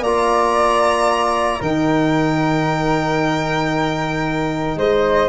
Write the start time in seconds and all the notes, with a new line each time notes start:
0.00 A#3 F4 D5 A#5
1.60 D#3 D#4 A#4 G5
4.76 G#3 C5 D#5